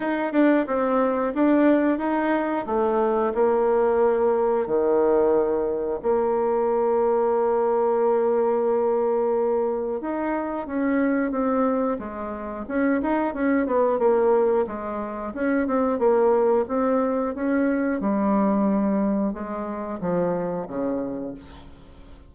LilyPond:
\new Staff \with { instrumentName = "bassoon" } { \time 4/4 \tempo 4 = 90 dis'8 d'8 c'4 d'4 dis'4 | a4 ais2 dis4~ | dis4 ais2.~ | ais2. dis'4 |
cis'4 c'4 gis4 cis'8 dis'8 | cis'8 b8 ais4 gis4 cis'8 c'8 | ais4 c'4 cis'4 g4~ | g4 gis4 f4 cis4 | }